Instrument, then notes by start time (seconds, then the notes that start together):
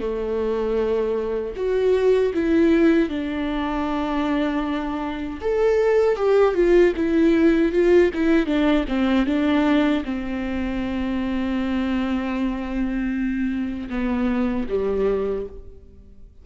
viola
0.00 A3
1.56 F#4
2.34 E4
3.09 D4
5.41 A4
6.16 G4
6.55 F4
6.96 E4
7.72 F4
8.14 E4
8.47 D4
8.88 C4
9.26 D4
10.05 C4
13.90 B3
14.69 G3